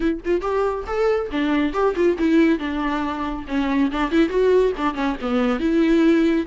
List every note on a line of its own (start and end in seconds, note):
0.00 0.20 E4
0.24 0.41 F4
0.41 0.84 G4
0.86 1.29 A4
1.31 1.73 D4
1.73 1.94 G4
1.95 2.17 F4
2.18 2.58 E4
2.58 3.45 D4
3.47 3.90 C#4
3.91 4.11 D4
4.11 4.29 E4
4.29 4.72 F#4
4.77 4.94 D4
4.94 5.16 C#4
5.21 5.59 B3
5.59 6.46 E4